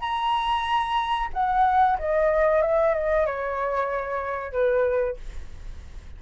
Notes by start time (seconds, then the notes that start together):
0.00 A#5
1.33 F#5
1.98 D#5
2.62 E5
2.94 D#5
3.26 C#5
4.52 B4